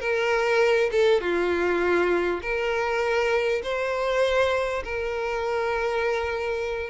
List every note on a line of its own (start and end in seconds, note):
0.00 0.90 A#4
0.92 1.21 A4
1.21 2.41 F4
2.42 3.62 A#4
3.64 4.84 C5
4.84 6.90 A#4